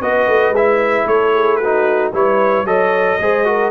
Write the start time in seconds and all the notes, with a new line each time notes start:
0.00 B3 F#4 B4 D#5
0.27 A3
0.49 G#3 E5
0.57 E4
1.06 A3 A4 C#5
1.33 G#4
1.56 F#4 B4
1.64 D#4
2.12 G3 E4 B4 C#5
2.64 F#3 A4 C#5 D#5
3.20 G#3 G#4 C5
3.45 F#4 A#4